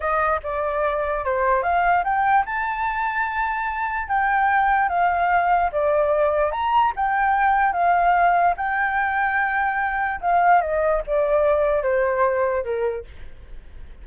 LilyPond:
\new Staff \with { instrumentName = "flute" } { \time 4/4 \tempo 4 = 147 dis''4 d''2 c''4 | f''4 g''4 a''2~ | a''2 g''2 | f''2 d''2 |
ais''4 g''2 f''4~ | f''4 g''2.~ | g''4 f''4 dis''4 d''4~ | d''4 c''2 ais'4 | }